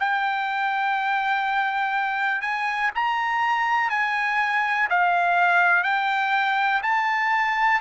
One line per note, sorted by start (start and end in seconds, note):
0.00 2.41 G5
2.41 2.91 G#5
2.95 3.90 A#5
3.90 4.89 G#5
4.90 5.83 F5
5.83 6.82 G5
6.83 7.82 A5